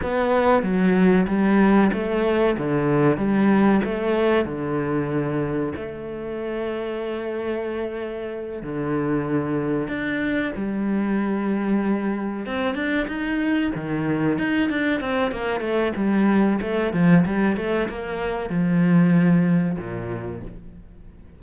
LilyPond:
\new Staff \with { instrumentName = "cello" } { \time 4/4 \tempo 4 = 94 b4 fis4 g4 a4 | d4 g4 a4 d4~ | d4 a2.~ | a4. d2 d'8~ |
d'8 g2. c'8 | d'8 dis'4 dis4 dis'8 d'8 c'8 | ais8 a8 g4 a8 f8 g8 a8 | ais4 f2 ais,4 | }